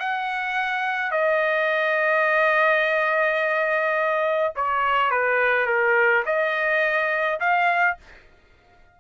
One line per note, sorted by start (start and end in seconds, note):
0.00 1.11 F#5
1.11 4.54 D#5
4.56 5.11 C#5
5.11 5.67 B4
5.67 6.24 A#4
6.26 7.40 D#5
7.40 7.97 F5